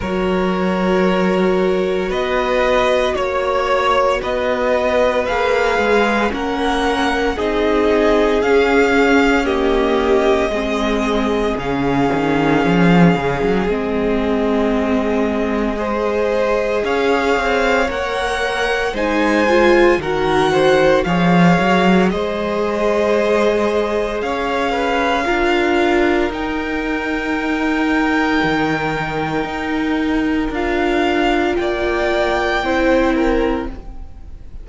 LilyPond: <<
  \new Staff \with { instrumentName = "violin" } { \time 4/4 \tempo 4 = 57 cis''2 dis''4 cis''4 | dis''4 f''4 fis''4 dis''4 | f''4 dis''2 f''4~ | f''4 dis''2. |
f''4 fis''4 gis''4 fis''4 | f''4 dis''2 f''4~ | f''4 g''2.~ | g''4 f''4 g''2 | }
  \new Staff \with { instrumentName = "violin" } { \time 4/4 ais'2 b'4 cis''4 | b'2 ais'4 gis'4~ | gis'4 g'4 gis'2~ | gis'2. c''4 |
cis''2 c''4 ais'8 c''8 | cis''4 c''2 cis''8 b'8 | ais'1~ | ais'2 d''4 c''8 ais'8 | }
  \new Staff \with { instrumentName = "viola" } { \time 4/4 fis'1~ | fis'4 gis'4 cis'4 dis'4 | cis'4 ais4 c'4 cis'4~ | cis'4 c'2 gis'4~ |
gis'4 ais'4 dis'8 f'8 fis'4 | gis'1 | f'4 dis'2.~ | dis'4 f'2 e'4 | }
  \new Staff \with { instrumentName = "cello" } { \time 4/4 fis2 b4 ais4 | b4 ais8 gis8 ais4 c'4 | cis'2 gis4 cis8 dis8 | f8 cis16 fis16 gis2. |
cis'8 c'8 ais4 gis4 dis4 | f8 fis8 gis2 cis'4 | d'4 dis'2 dis4 | dis'4 d'4 ais4 c'4 | }
>>